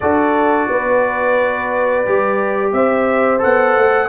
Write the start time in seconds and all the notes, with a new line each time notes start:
0.00 D4 F#4 A4 D5
0.69 B3 B4
2.05 G3 G4
2.72 C4 C5 E5
3.38 A4 F#5
3.44 B3
3.76 A3